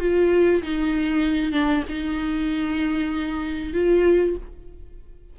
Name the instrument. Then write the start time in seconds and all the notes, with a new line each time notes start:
viola
0.00 F4
0.62 D#4
1.52 D4
1.89 D#4
3.73 F4